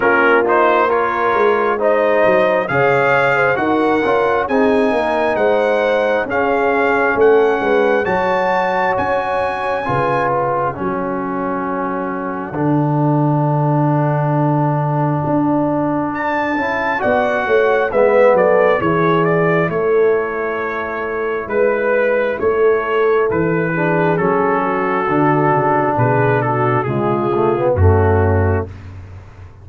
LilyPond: <<
  \new Staff \with { instrumentName = "trumpet" } { \time 4/4 \tempo 4 = 67 ais'8 c''8 cis''4 dis''4 f''4 | fis''4 gis''4 fis''4 f''4 | fis''4 a''4 gis''4. fis''8~ | fis''1~ |
fis''2 a''4 fis''4 | e''8 d''8 cis''8 d''8 cis''2 | b'4 cis''4 b'4 a'4~ | a'4 b'8 a'8 gis'4 fis'4 | }
  \new Staff \with { instrumentName = "horn" } { \time 4/4 f'4 ais'4 c''4 cis''8. c''16 | ais'4 gis'8 ais'8 c''4 gis'4 | a'8 b'8 cis''2 b'4 | a'1~ |
a'2. d''8 cis''8 | b'8 a'8 gis'4 a'2 | b'4 a'4. gis'4 fis'8~ | fis'4 gis'8 fis'8 f'4 cis'4 | }
  \new Staff \with { instrumentName = "trombone" } { \time 4/4 cis'8 dis'8 f'4 dis'4 gis'4 | fis'8 f'8 dis'2 cis'4~ | cis'4 fis'2 f'4 | cis'2 d'2~ |
d'2~ d'8 e'8 fis'4 | b4 e'2.~ | e'2~ e'8 d'8 cis'4 | d'2 gis8 a16 b16 a4 | }
  \new Staff \with { instrumentName = "tuba" } { \time 4/4 ais4. gis4 fis8 cis4 | dis'8 cis'8 c'8 ais8 gis4 cis'4 | a8 gis8 fis4 cis'4 cis4 | fis2 d2~ |
d4 d'4. cis'8 b8 a8 | gis8 fis8 e4 a2 | gis4 a4 e4 fis4 | d8 cis8 b,4 cis4 fis,4 | }
>>